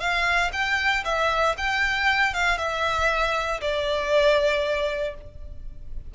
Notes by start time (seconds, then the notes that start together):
0.00 F5
0.53 G5
1.05 E5
1.58 G5
2.34 F5
2.58 E5
3.61 D5